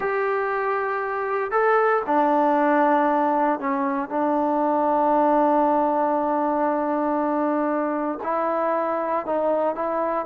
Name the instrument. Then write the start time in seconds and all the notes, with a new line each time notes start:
trombone
0.00 G4
1.51 A4
2.06 D4
3.59 C#4
4.09 D4
8.23 E4
9.26 D#4
9.75 E4